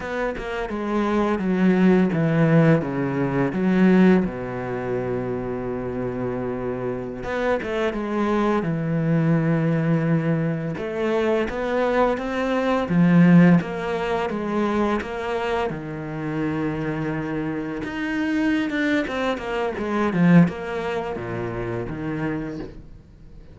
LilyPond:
\new Staff \with { instrumentName = "cello" } { \time 4/4 \tempo 4 = 85 b8 ais8 gis4 fis4 e4 | cis4 fis4 b,2~ | b,2~ b,16 b8 a8 gis8.~ | gis16 e2. a8.~ |
a16 b4 c'4 f4 ais8.~ | ais16 gis4 ais4 dis4.~ dis16~ | dis4~ dis16 dis'4~ dis'16 d'8 c'8 ais8 | gis8 f8 ais4 ais,4 dis4 | }